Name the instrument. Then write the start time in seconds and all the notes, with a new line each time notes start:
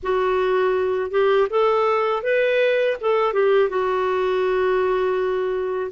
clarinet
0.02 F#4
1.10 G4
1.49 A4
2.22 B4
3.00 A4
3.33 G4
3.69 F#4